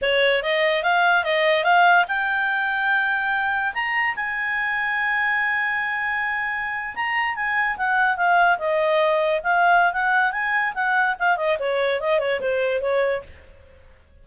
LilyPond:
\new Staff \with { instrumentName = "clarinet" } { \time 4/4 \tempo 4 = 145 cis''4 dis''4 f''4 dis''4 | f''4 g''2.~ | g''4 ais''4 gis''2~ | gis''1~ |
gis''8. ais''4 gis''4 fis''4 f''16~ | f''8. dis''2 f''4~ f''16 | fis''4 gis''4 fis''4 f''8 dis''8 | cis''4 dis''8 cis''8 c''4 cis''4 | }